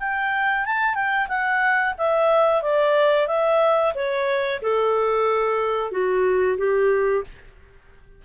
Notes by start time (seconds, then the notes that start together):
0.00 G5
0.66 A5
0.95 G5
1.29 F#5
1.98 E5
2.63 D5
3.28 E5
3.95 C#5
4.62 A4
5.92 F#4
6.58 G4